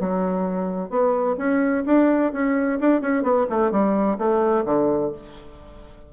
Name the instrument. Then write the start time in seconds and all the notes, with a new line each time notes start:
bassoon
0.00 F#3
0.90 B3
1.38 C#4
1.86 D4
2.33 C#4
2.81 D4
3.02 C#4
3.23 B3
3.50 A3
3.72 G3
4.19 A3
4.66 D3